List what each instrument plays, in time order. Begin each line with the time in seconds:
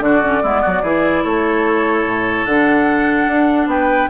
0.00 bassoon D3, clarinet D4, oboe F#4, flute D5
0.21 clarinet C#4
0.43 bassoon G#3, clarinet B3, oboe E4
0.61 bassoon F#3, oboe F#4
0.82 bassoon E3, clarinet E4, oboe G#4
1.24 bassoon A3, oboe A4, flute C#5
2.05 bassoon A2
2.45 bassoon D3, clarinet D4, flute F#5
3.27 bassoon D4
3.66 bassoon B3, oboe B4, flute G5